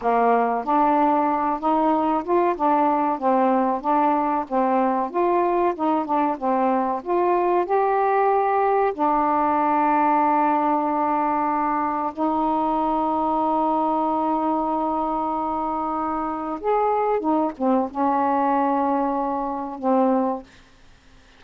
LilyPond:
\new Staff \with { instrumentName = "saxophone" } { \time 4/4 \tempo 4 = 94 ais4 d'4. dis'4 f'8 | d'4 c'4 d'4 c'4 | f'4 dis'8 d'8 c'4 f'4 | g'2 d'2~ |
d'2. dis'4~ | dis'1~ | dis'2 gis'4 dis'8 c'8 | cis'2. c'4 | }